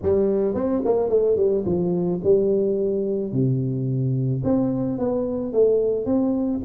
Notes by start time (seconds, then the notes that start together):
0.02 G3
0.54 C4
0.84 A#3
1.09 A3
1.36 G3
1.65 F3
2.23 G3
3.32 C3
4.44 C4
4.98 B3
5.52 A3
6.05 C4